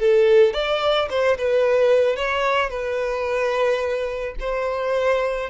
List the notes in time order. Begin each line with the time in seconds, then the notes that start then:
0.00 A4
0.54 D5
1.10 C5
1.38 B4
2.17 C#5
2.70 B4
4.40 C5